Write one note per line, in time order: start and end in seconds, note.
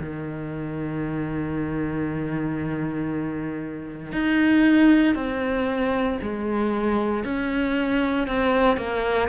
0.00 4.12 D#3
4.12 5.15 D#4
5.15 6.19 C4
6.22 7.25 G#3
7.25 8.28 C#4
8.28 8.77 C4
8.77 9.29 A#3